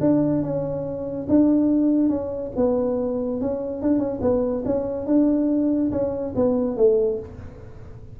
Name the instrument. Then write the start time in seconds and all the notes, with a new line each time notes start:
tuba
0.00 D4
0.42 C#4
1.28 D4
2.09 C#4
2.56 B3
3.41 C#4
3.82 D4
3.98 C#4
4.21 B3
4.65 C#4
5.06 D4
5.92 C#4
6.36 B3
6.77 A3